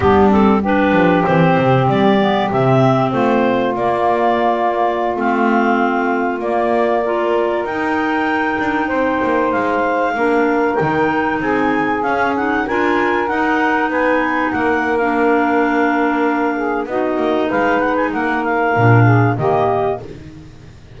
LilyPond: <<
  \new Staff \with { instrumentName = "clarinet" } { \time 4/4 \tempo 4 = 96 g'8 a'8 b'4 c''4 d''4 | e''4 c''4 d''2~ | d''16 f''2 d''4.~ d''16~ | d''16 g''2. f''8.~ |
f''4~ f''16 g''4 gis''4 f''8 fis''16~ | fis''16 gis''4 fis''4 gis''4 fis''8. | f''2. dis''4 | f''8 fis''16 gis''16 fis''8 f''4. dis''4 | }
  \new Staff \with { instrumentName = "saxophone" } { \time 4/4 d'4 g'2.~ | g'4 f'2.~ | f'2.~ f'16 ais'8.~ | ais'2~ ais'16 c''4.~ c''16~ |
c''16 ais'2 gis'4.~ gis'16~ | gis'16 ais'2 b'4 ais'8.~ | ais'2~ ais'8 gis'8 fis'4 | b'4 ais'4. gis'8 g'4 | }
  \new Staff \with { instrumentName = "clarinet" } { \time 4/4 b8 c'8 d'4 c'4. b8 | c'2 ais2~ | ais16 c'2 ais4 f'8.~ | f'16 dis'2.~ dis'8.~ |
dis'16 d'4 dis'2 cis'8 dis'16~ | dis'16 f'4 dis'2~ dis'8. | d'2. dis'4~ | dis'2 d'4 ais4 | }
  \new Staff \with { instrumentName = "double bass" } { \time 4/4 g4. f8 e8 c8 g4 | c4 a4 ais2~ | ais16 a2 ais4.~ ais16~ | ais16 dis'4. d'8 c'8 ais8 gis8.~ |
gis16 ais4 dis4 c'4 cis'8.~ | cis'16 d'4 dis'4 b4 ais8.~ | ais2. b8 ais8 | gis4 ais4 ais,4 dis4 | }
>>